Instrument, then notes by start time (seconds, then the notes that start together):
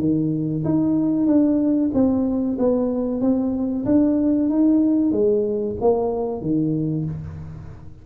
tuba
0.00 D#3
0.65 D#4
1.27 D4
1.94 C4
2.59 B3
3.21 C4
3.86 D4
4.50 D#4
5.12 G#3
5.81 A#3
6.41 D#3